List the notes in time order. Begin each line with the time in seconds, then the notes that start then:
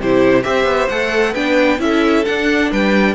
0.00 C3 E4 G4 C5
0.43 C4 G4 C5 E5
0.65 B3
0.89 A3 A4 F#5
1.33 B3 D4 B4 G5
1.79 C#4 E4 A4 E5
2.25 D4 F#5
2.71 G3 B4 G5